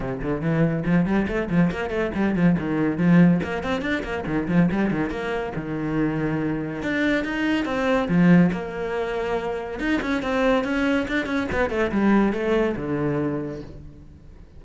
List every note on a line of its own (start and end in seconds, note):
0.00 0.21 C3
0.21 0.41 D3
0.41 0.83 E3
0.85 1.05 F3
1.05 1.26 G3
1.27 1.48 A3
1.50 1.70 F3
1.70 1.89 A#3
1.89 2.11 A3
2.14 2.35 G3
2.35 2.56 F3
2.58 2.97 D#3
2.97 3.40 F3
3.43 3.63 A#3
3.63 3.81 C4
3.81 4.03 D4
4.03 4.24 A#3
4.26 4.47 D#3
4.48 4.69 F3
4.71 4.90 G3
4.90 5.10 D#3
5.10 5.52 A#3
5.55 6.82 D#3
6.82 7.24 D4
7.24 7.65 D#4
7.65 8.08 C4
8.08 8.50 F3
8.51 9.79 A#3
9.79 10.00 D#4
10.01 10.22 C#4
10.22 10.64 C4
10.64 11.06 C#4
11.08 11.26 D4
11.26 11.47 C#4
11.51 11.70 B3
11.70 11.91 A3
11.91 12.32 G3
12.32 12.75 A3
12.76 13.61 D3